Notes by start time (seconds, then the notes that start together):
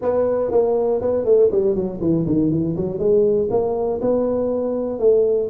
0.01 B3
0.51 A#3
1.01 B3
1.25 A3
1.51 G3
1.75 F#3
2.00 E3
2.26 D#3
2.50 E3
2.75 F#3
2.98 G#3
3.50 A#3
4.01 B3
4.99 A3